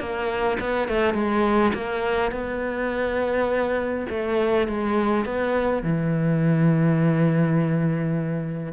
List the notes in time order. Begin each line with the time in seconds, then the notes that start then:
0.00 A#3
0.60 B3
0.88 A3
1.15 G#3
1.74 A#3
2.32 B3
4.10 A3
4.68 G#3
5.26 B3
5.83 E3